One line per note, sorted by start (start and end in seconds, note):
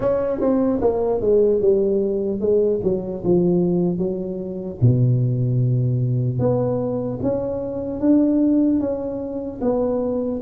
0.00 0.40 C#4
0.40 0.80 C4
0.81 1.20 A#3
1.20 1.60 G#3
1.60 2.40 G3
2.40 2.80 G#3
2.83 3.23 F#3
3.24 3.97 F3
3.97 4.77 F#3
4.81 6.39 B2
6.39 7.19 B3
7.22 8.00 C#4
8.00 8.80 D4
8.80 9.60 C#4
9.61 10.41 B3